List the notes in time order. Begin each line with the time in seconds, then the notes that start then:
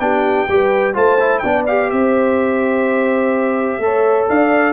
0.00 B3 D4 G4 G5
0.48 G3 G4 B4
0.94 A3 F4 C5 A5
1.20 E4
1.40 B3 D4 D5 G5
1.67 G4 F5
1.91 C4 C5 E5
3.79 A3 A4 C#5
4.29 D4 D5 F5